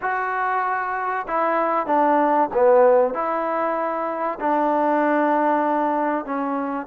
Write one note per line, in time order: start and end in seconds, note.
0.01 1.26 F#4
1.27 1.86 E4
1.86 2.49 D4
2.53 3.14 B3
3.14 4.39 E4
4.39 6.25 D4
6.25 6.86 C#4